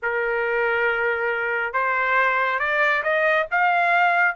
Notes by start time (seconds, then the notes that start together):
0.02 A#4
1.73 C5
2.59 D5
3.03 D#5
3.51 F5